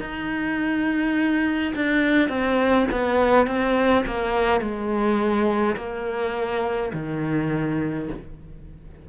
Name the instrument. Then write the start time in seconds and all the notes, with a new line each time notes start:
cello
0.00 D#4
1.75 D4
2.29 C4
2.92 B3
3.47 C4
4.06 A#3
4.60 G#3
5.76 A#3
6.93 D#3